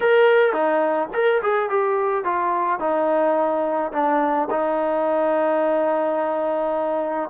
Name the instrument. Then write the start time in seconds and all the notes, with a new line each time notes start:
trombone
0.00 A#4
0.52 D#4
1.13 A#4
1.42 G#4
1.69 G4
2.24 F4
2.79 D#4
3.92 D4
4.50 D#4